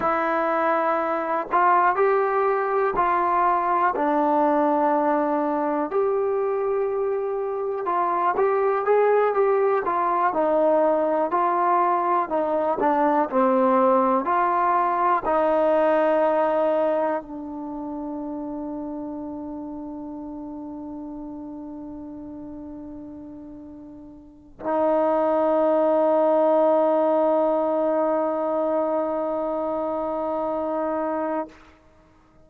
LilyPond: \new Staff \with { instrumentName = "trombone" } { \time 4/4 \tempo 4 = 61 e'4. f'8 g'4 f'4 | d'2 g'2 | f'8 g'8 gis'8 g'8 f'8 dis'4 f'8~ | f'8 dis'8 d'8 c'4 f'4 dis'8~ |
dis'4. d'2~ d'8~ | d'1~ | d'4 dis'2.~ | dis'1 | }